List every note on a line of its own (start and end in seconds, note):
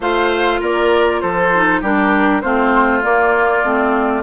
0.00 0.60 A3
0.00 1.52 F4
0.00 0.60 C5
0.00 0.61 F5
0.60 1.22 A#3
0.60 1.21 A#4
0.60 1.20 D5
1.20 1.82 F3
1.20 1.81 A4
1.20 1.81 C5
1.55 1.83 D#4
1.81 2.42 G3
1.81 2.42 D4
1.81 2.42 G4
1.81 2.41 A#4
2.41 3.03 A3
2.41 3.01 C4
2.41 4.22 F4
2.41 3.02 C5
3.01 3.62 A#3
3.01 3.63 A#3
3.01 4.22 D5
3.63 4.22 A3
3.63 4.22 C4